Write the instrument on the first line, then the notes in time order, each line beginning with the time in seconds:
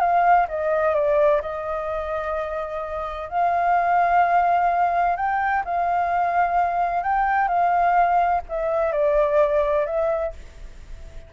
flute
0.00 F5
0.49 D#5
0.95 D5
1.42 D#5
3.29 F5
5.16 G5
5.65 F5
7.03 G5
7.48 F5
8.49 E5
8.92 D5
9.86 E5